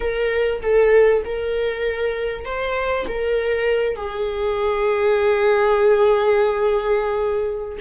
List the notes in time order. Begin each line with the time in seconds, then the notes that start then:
0.00 A#4
0.62 A4
1.24 A#4
2.45 C5
3.08 A#4
3.95 G#4